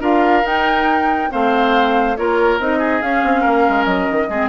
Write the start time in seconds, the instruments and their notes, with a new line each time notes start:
0.00 bassoon D4, clarinet F4, oboe A#4, flute F5
0.43 bassoon D#4, clarinet D#4, flute G5
1.31 bassoon A3, clarinet C4, oboe C5, flute F5
2.16 bassoon A#3, clarinet F4, oboe A#4, flute C#5
2.59 bassoon C4, clarinet D#4, flute D#5
2.78 oboe G#4
3.01 clarinet C#4, bassoon C#4, flute F5
3.23 bassoon C4
3.41 bassoon A#3, oboe A#4
3.68 bassoon G#3
3.84 bassoon F#3, flute D#5
4.10 bassoon D#3
4.29 bassoon G#3, clarinet C4, oboe G#4